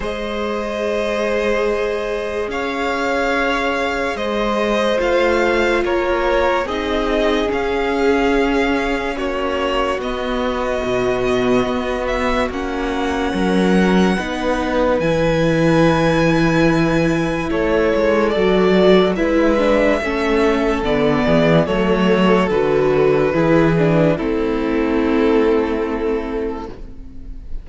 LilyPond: <<
  \new Staff \with { instrumentName = "violin" } { \time 4/4 \tempo 4 = 72 dis''2. f''4~ | f''4 dis''4 f''4 cis''4 | dis''4 f''2 cis''4 | dis''2~ dis''8 e''8 fis''4~ |
fis''2 gis''2~ | gis''4 cis''4 d''4 e''4~ | e''4 d''4 cis''4 b'4~ | b'4 a'2. | }
  \new Staff \with { instrumentName = "violin" } { \time 4/4 c''2. cis''4~ | cis''4 c''2 ais'4 | gis'2. fis'4~ | fis'1 |
ais'4 b'2.~ | b'4 a'2 b'4 | a'4. gis'8 a'2 | gis'4 e'2. | }
  \new Staff \with { instrumentName = "viola" } { \time 4/4 gis'1~ | gis'2 f'2 | dis'4 cis'2. | b2. cis'4~ |
cis'4 dis'4 e'2~ | e'2 fis'4 e'8 d'8 | cis'4 b4 a4 fis'4 | e'8 d'8 c'2. | }
  \new Staff \with { instrumentName = "cello" } { \time 4/4 gis2. cis'4~ | cis'4 gis4 a4 ais4 | c'4 cis'2 ais4 | b4 b,4 b4 ais4 |
fis4 b4 e2~ | e4 a8 gis8 fis4 gis4 | a4 d8 e8 fis4 d4 | e4 a2. | }
>>